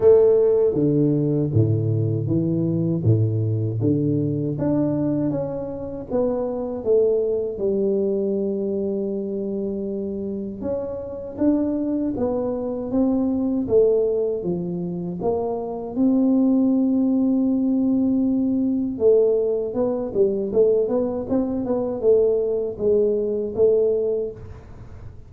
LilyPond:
\new Staff \with { instrumentName = "tuba" } { \time 4/4 \tempo 4 = 79 a4 d4 a,4 e4 | a,4 d4 d'4 cis'4 | b4 a4 g2~ | g2 cis'4 d'4 |
b4 c'4 a4 f4 | ais4 c'2.~ | c'4 a4 b8 g8 a8 b8 | c'8 b8 a4 gis4 a4 | }